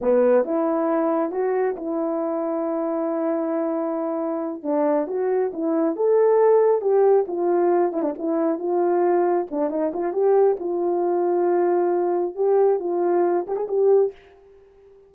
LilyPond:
\new Staff \with { instrumentName = "horn" } { \time 4/4 \tempo 4 = 136 b4 e'2 fis'4 | e'1~ | e'2~ e'8 d'4 fis'8~ | fis'8 e'4 a'2 g'8~ |
g'8 f'4. e'16 d'16 e'4 f'8~ | f'4. d'8 dis'8 f'8 g'4 | f'1 | g'4 f'4. g'16 gis'16 g'4 | }